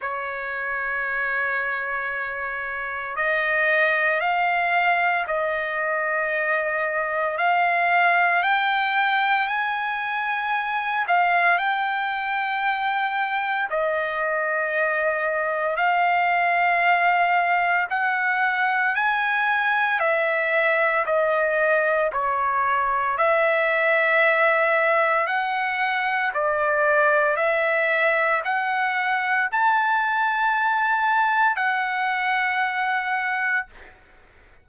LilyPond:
\new Staff \with { instrumentName = "trumpet" } { \time 4/4 \tempo 4 = 57 cis''2. dis''4 | f''4 dis''2 f''4 | g''4 gis''4. f''8 g''4~ | g''4 dis''2 f''4~ |
f''4 fis''4 gis''4 e''4 | dis''4 cis''4 e''2 | fis''4 d''4 e''4 fis''4 | a''2 fis''2 | }